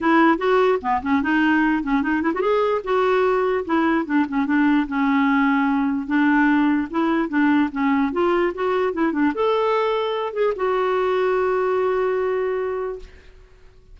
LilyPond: \new Staff \with { instrumentName = "clarinet" } { \time 4/4 \tempo 4 = 148 e'4 fis'4 b8 cis'8 dis'4~ | dis'8 cis'8 dis'8 e'16 fis'16 gis'4 fis'4~ | fis'4 e'4 d'8 cis'8 d'4 | cis'2. d'4~ |
d'4 e'4 d'4 cis'4 | f'4 fis'4 e'8 d'8 a'4~ | a'4. gis'8 fis'2~ | fis'1 | }